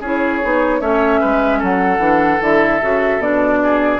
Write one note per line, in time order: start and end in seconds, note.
0.00 0.40 C#4
0.00 0.43 E4
0.00 0.80 G#4
0.00 0.81 C#5
0.43 0.81 B3
0.43 0.80 D#4
0.80 1.21 A3
0.80 1.99 C#4
0.80 1.20 C#5
0.80 1.61 E5
1.20 1.62 G#3
1.20 1.59 B4
1.59 1.98 F#3
1.59 3.59 A4
1.59 2.43 F#5
1.98 2.38 E3
1.98 2.39 D4
2.40 2.81 D3
2.40 2.80 E4
2.40 3.21 E5
2.81 3.18 C#3
2.81 3.21 F#4
3.18 3.98 B2
3.18 4.00 D4
3.18 4.00 D5
3.63 4.00 G#4